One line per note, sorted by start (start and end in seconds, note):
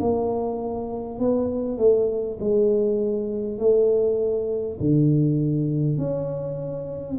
0.00 1.19 A#3
1.19 1.78 B3
1.78 2.38 A3
2.39 3.58 G#3
3.58 4.78 A3
4.79 5.98 D3
5.98 7.18 C#4